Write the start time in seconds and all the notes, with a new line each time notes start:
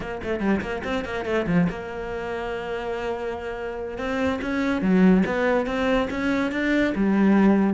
0.00 A#3
0.23 A3
0.39 G3
0.61 A#3
0.84 C4
1.04 A#3
1.25 A3
1.46 F3
1.69 A#3
3.98 C4
4.41 C#4
4.81 F#3
5.25 B3
5.66 C4
6.10 C#4
6.51 D4
6.95 G3